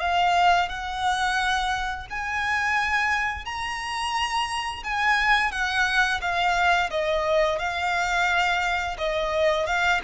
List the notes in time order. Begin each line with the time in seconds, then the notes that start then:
0.00 F5
0.69 F#5
2.10 G#5
3.45 A#5
4.83 G#5
5.51 F#5
6.21 F5
6.90 D#5
7.59 F5
8.98 D#5
9.66 F5